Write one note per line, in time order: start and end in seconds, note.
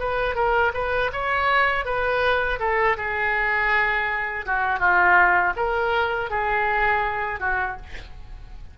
0.00 0.35 B4
0.35 0.72 A#4
0.74 1.11 B4
1.13 1.85 C#5
1.85 2.59 B4
2.60 2.97 A4
2.97 4.45 G#4
4.46 4.80 F#4
4.80 5.54 F4
5.57 6.31 A#4
6.31 7.40 G#4
7.40 7.77 F#4